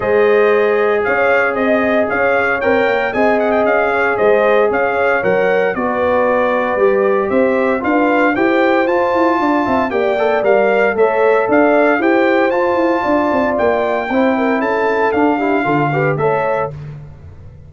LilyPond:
<<
  \new Staff \with { instrumentName = "trumpet" } { \time 4/4 \tempo 4 = 115 dis''2 f''4 dis''4 | f''4 g''4 gis''8 fis''16 g''16 f''4 | dis''4 f''4 fis''4 d''4~ | d''2 e''4 f''4 |
g''4 a''2 g''4 | f''4 e''4 f''4 g''4 | a''2 g''2 | a''4 f''2 e''4 | }
  \new Staff \with { instrumentName = "horn" } { \time 4/4 c''2 cis''4 dis''4 | cis''2 dis''4. cis''8 | c''4 cis''2 b'4~ | b'2 c''4 b'4 |
c''2 d''8 e''8 d''4~ | d''4 cis''4 d''4 c''4~ | c''4 d''2 c''8 ais'8 | a'4. g'8 a'8 b'8 cis''4 | }
  \new Staff \with { instrumentName = "trombone" } { \time 4/4 gis'1~ | gis'4 ais'4 gis'2~ | gis'2 ais'4 fis'4~ | fis'4 g'2 f'4 |
g'4 f'2 g'8 a'8 | ais'4 a'2 g'4 | f'2. e'4~ | e'4 d'8 e'8 f'8 g'8 a'4 | }
  \new Staff \with { instrumentName = "tuba" } { \time 4/4 gis2 cis'4 c'4 | cis'4 c'8 ais8 c'4 cis'4 | gis4 cis'4 fis4 b4~ | b4 g4 c'4 d'4 |
e'4 f'8 e'8 d'8 c'8 ais4 | g4 a4 d'4 e'4 | f'8 e'8 d'8 c'8 ais4 c'4 | cis'4 d'4 d4 a4 | }
>>